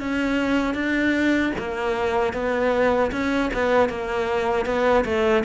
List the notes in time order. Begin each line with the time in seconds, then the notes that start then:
0.00 C#4
0.74 D4
1.58 A#3
2.33 B3
3.11 C#4
3.53 B3
3.89 A#3
4.65 B3
5.05 A3